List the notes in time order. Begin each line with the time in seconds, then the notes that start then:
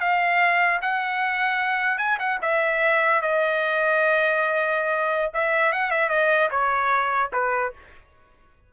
0.00 F5
0.81 F#5
1.98 G#5
2.20 F#5
2.42 E5
3.22 D#5
5.34 E5
5.73 F#5
5.91 E5
6.09 D#5
6.51 C#5
7.33 B4